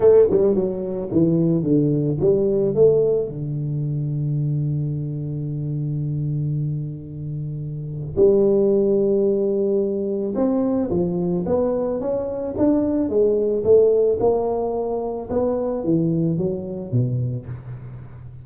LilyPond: \new Staff \with { instrumentName = "tuba" } { \time 4/4 \tempo 4 = 110 a8 g8 fis4 e4 d4 | g4 a4 d2~ | d1~ | d2. g4~ |
g2. c'4 | f4 b4 cis'4 d'4 | gis4 a4 ais2 | b4 e4 fis4 b,4 | }